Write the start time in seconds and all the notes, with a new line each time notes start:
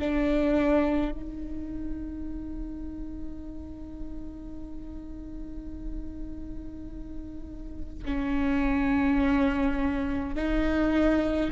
0.00 D4
1.12 D#4
8.06 C#4
10.36 D#4